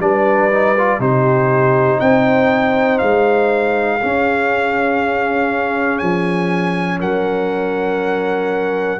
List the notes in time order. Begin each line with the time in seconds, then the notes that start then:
0.00 G3 D4 B4 D5
0.51 D#4
0.78 F4
1.00 C3 D#4 G4 C5
2.00 C4 C5 G5
2.99 G#3 F5
4.01 C#4 G#4
5.99 F3 G#5
7.00 F#3 A#4 F#5